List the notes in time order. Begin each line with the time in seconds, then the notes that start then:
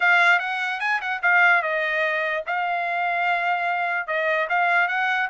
0.00 F5
0.39 F#5
0.80 G#5
1.01 F#5
1.22 F5
1.62 D#5
2.46 F5
4.07 D#5
4.49 F5
4.87 F#5